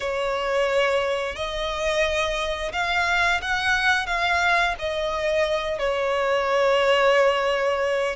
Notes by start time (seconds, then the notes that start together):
0.00 C#5
1.35 D#5
2.72 F5
3.41 F#5
4.06 F5
4.78 D#5
5.79 C#5